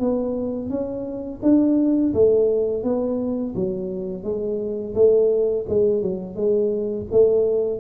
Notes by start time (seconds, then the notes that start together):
0.00 B3
0.70 C#4
1.43 D4
2.14 A3
2.84 B3
3.56 F#3
4.24 G#3
4.95 A3
5.69 G#3
6.02 F#3
6.36 G#3
7.12 A3